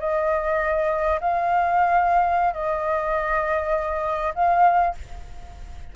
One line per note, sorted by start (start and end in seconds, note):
0.00 1.20 D#5
1.21 2.54 F5
2.54 4.34 D#5
4.35 4.95 F5